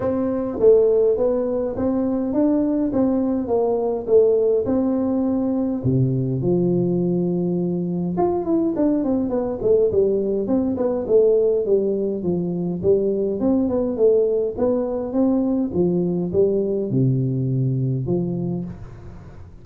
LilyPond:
\new Staff \with { instrumentName = "tuba" } { \time 4/4 \tempo 4 = 103 c'4 a4 b4 c'4 | d'4 c'4 ais4 a4 | c'2 c4 f4~ | f2 f'8 e'8 d'8 c'8 |
b8 a8 g4 c'8 b8 a4 | g4 f4 g4 c'8 b8 | a4 b4 c'4 f4 | g4 c2 f4 | }